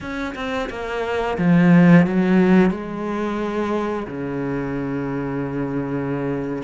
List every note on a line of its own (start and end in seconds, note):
0.00 0.34 C#4
0.35 0.69 C4
0.69 1.37 A#3
1.38 2.06 F3
2.06 2.70 F#3
2.70 4.06 G#3
4.07 6.63 C#3